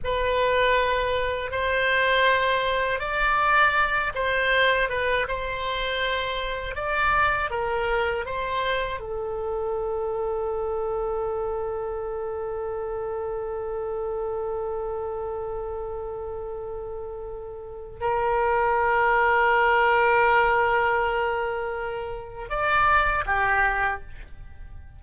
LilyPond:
\new Staff \with { instrumentName = "oboe" } { \time 4/4 \tempo 4 = 80 b'2 c''2 | d''4. c''4 b'8 c''4~ | c''4 d''4 ais'4 c''4 | a'1~ |
a'1~ | a'1 | ais'1~ | ais'2 d''4 g'4 | }